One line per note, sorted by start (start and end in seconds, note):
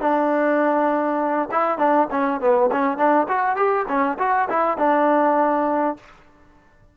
0.00 1.49 D4
1.51 1.78 E4
1.78 2.07 D4
2.10 2.40 C#4
2.40 2.70 B3
2.71 2.97 C#4
2.97 3.26 D4
3.28 3.56 F#4
3.56 3.86 G4
3.88 4.17 C#4
4.18 4.48 F#4
4.49 4.77 E4
4.77 5.96 D4